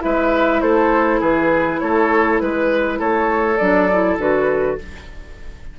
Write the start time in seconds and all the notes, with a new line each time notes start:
0.00 G#3 E4 B4 E5
0.61 A3 A4 C5
1.21 E3 G#4 B4
1.80 A3 A4 C#5
2.40 G#3 B4
2.99 A3 A4 C#5
3.58 F#3 D4 D5
3.92 E4
4.18 D3 F#4 B4